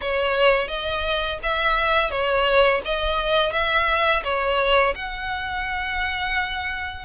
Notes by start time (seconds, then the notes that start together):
0.01 C#5
0.68 D#5
1.42 E5
2.10 C#5
2.84 D#5
3.52 E5
4.24 C#5
4.95 F#5